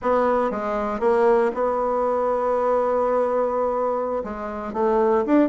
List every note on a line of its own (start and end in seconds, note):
0.02 0.50 B3
0.50 1.00 G#3
1.00 1.51 A#3
1.53 4.23 B3
4.24 4.73 G#3
4.73 5.24 A3
5.26 5.49 D4